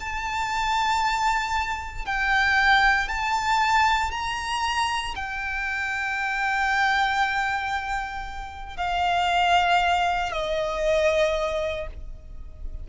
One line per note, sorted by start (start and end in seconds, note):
0.00 2.06 A5
2.06 3.08 G5
3.08 4.11 A5
4.11 5.15 A#5
5.15 8.77 G5
8.77 10.32 F5
10.32 11.87 D#5